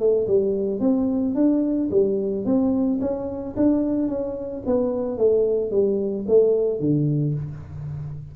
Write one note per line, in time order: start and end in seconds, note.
0.00 0.27 A3
0.28 0.81 G3
0.81 1.35 C4
1.35 1.90 D4
1.91 2.45 G3
2.45 3.00 C4
3.01 3.56 C#4
3.57 4.09 D4
4.09 4.63 C#4
4.67 5.18 B3
5.18 5.71 A3
5.71 6.26 G3
6.29 6.80 A3
6.80 7.35 D3